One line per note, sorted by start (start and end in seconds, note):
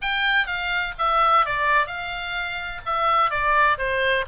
0.01 0.46 G5
0.46 0.94 F5
0.98 1.45 E5
1.45 1.86 D5
1.86 2.81 F5
2.85 3.30 E5
3.30 3.77 D5
3.78 4.25 C5